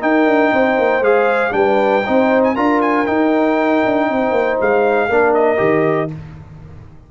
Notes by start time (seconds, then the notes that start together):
0.00 D#4 A#4 G5
0.26 D4
0.51 C4 C5
0.78 A#3
1.00 G#3 G#4 F5
1.51 G3 D4 B4 G5
2.06 C4 D#4 C5
2.43 G#5
2.54 D4 F4 A#4 A#5
2.81 G#5
3.06 D#4 G5
3.85 D4
4.09 C4 C5
4.31 A#3
4.60 G#3 F5
5.08 A#3 D4 A#4
5.34 D#5
5.57 D#3 G4